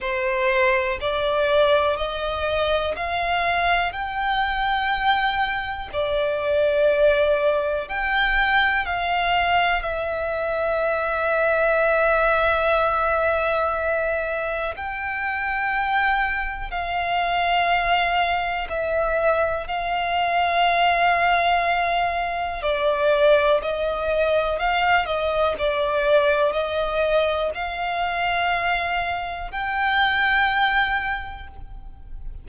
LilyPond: \new Staff \with { instrumentName = "violin" } { \time 4/4 \tempo 4 = 61 c''4 d''4 dis''4 f''4 | g''2 d''2 | g''4 f''4 e''2~ | e''2. g''4~ |
g''4 f''2 e''4 | f''2. d''4 | dis''4 f''8 dis''8 d''4 dis''4 | f''2 g''2 | }